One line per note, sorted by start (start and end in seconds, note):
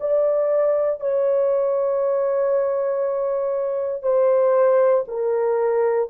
0.00 1.00 D5
1.00 4.03 C#5
4.03 5.04 C5
5.08 6.09 A#4